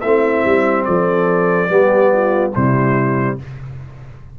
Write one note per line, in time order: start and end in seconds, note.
0.00 0.44 A3
0.00 1.68 C4
0.00 0.85 E4
0.00 0.83 E5
0.44 0.86 G3
0.84 1.69 F3
0.84 1.69 A4
0.84 2.51 D5
1.68 2.52 G3
1.68 2.51 B3
1.68 2.11 G4
2.12 2.53 F4
2.53 3.39 C3
2.53 3.39 G3
2.53 3.36 E4
2.53 3.38 C5